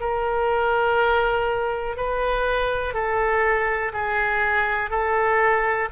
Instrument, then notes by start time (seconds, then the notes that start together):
oboe
0.00 A#4
1.97 B4
2.94 A4
3.93 G#4
4.90 A4